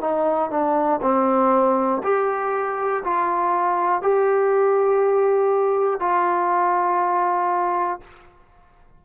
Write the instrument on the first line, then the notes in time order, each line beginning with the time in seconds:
trombone
0.00 D#4
0.50 D4
1.02 C4
2.03 G4
3.04 F4
4.02 G4
6.00 F4